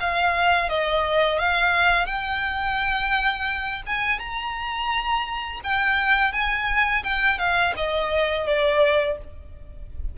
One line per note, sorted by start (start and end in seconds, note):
0.00 0.69 F5
0.69 1.39 D#5
1.39 2.06 F5
2.06 3.82 G5
3.86 4.19 G#5
4.19 5.60 A#5
5.63 6.32 G5
6.32 7.03 G#5
7.04 7.38 G5
7.38 7.74 F5
7.76 8.47 D#5
8.47 9.17 D5